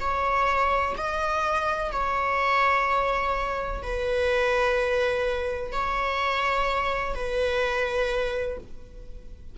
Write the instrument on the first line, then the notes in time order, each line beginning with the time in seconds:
viola
0.00 C#5
0.97 D#5
1.92 C#5
3.82 B4
5.72 C#5
7.14 B4